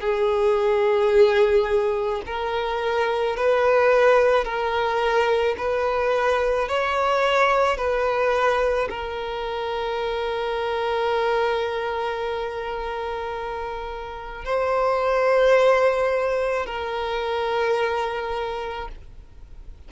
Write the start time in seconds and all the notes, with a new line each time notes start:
0.00 G#4
2.26 A#4
3.36 B4
4.44 A#4
5.58 B4
6.68 C#5
7.77 B4
8.89 A#4
14.45 C5
16.66 A#4